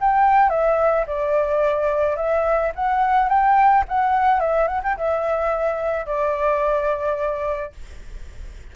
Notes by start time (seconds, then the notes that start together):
0.00 G5
0.49 E5
1.06 D5
2.16 E5
2.75 F#5
3.29 G5
3.88 F#5
4.39 E5
4.67 F#5
4.83 G5
4.97 E5
6.06 D5